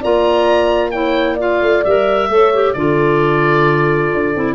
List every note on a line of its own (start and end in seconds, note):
0.00 1.61 A#3
0.00 0.92 F4
0.00 0.91 D5
0.00 0.91 A#5
0.91 1.38 E4
0.91 1.35 C#5
0.91 1.36 G5
1.35 1.84 F4
1.35 2.26 D5
1.41 1.84 F5
1.61 1.84 A3
1.84 2.29 G3
1.84 2.30 A#4
1.84 2.73 E5
2.29 2.74 A3
2.29 2.53 A4
2.29 2.75 C#5
2.54 2.76 G4
2.73 4.12 D3
2.73 4.35 F4
2.73 4.55 A4
2.73 4.55 D5
4.14 4.36 D4
4.35 4.55 C4
4.35 4.55 E4